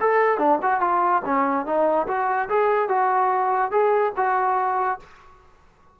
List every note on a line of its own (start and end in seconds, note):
0.00 0.38 A4
0.38 0.59 D4
0.62 0.81 F#4
0.81 1.22 F4
1.25 1.66 C#4
1.66 2.07 D#4
2.07 2.49 F#4
2.49 2.89 G#4
2.89 3.71 F#4
3.71 4.13 G#4
4.16 4.99 F#4